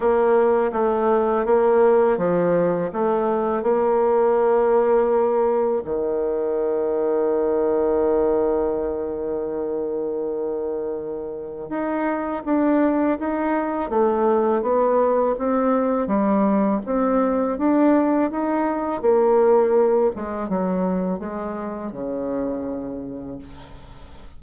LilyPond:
\new Staff \with { instrumentName = "bassoon" } { \time 4/4 \tempo 4 = 82 ais4 a4 ais4 f4 | a4 ais2. | dis1~ | dis1 |
dis'4 d'4 dis'4 a4 | b4 c'4 g4 c'4 | d'4 dis'4 ais4. gis8 | fis4 gis4 cis2 | }